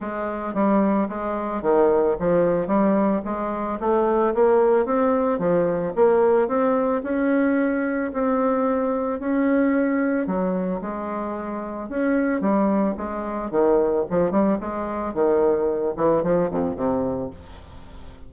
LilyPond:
\new Staff \with { instrumentName = "bassoon" } { \time 4/4 \tempo 4 = 111 gis4 g4 gis4 dis4 | f4 g4 gis4 a4 | ais4 c'4 f4 ais4 | c'4 cis'2 c'4~ |
c'4 cis'2 fis4 | gis2 cis'4 g4 | gis4 dis4 f8 g8 gis4 | dis4. e8 f8 f,8 c4 | }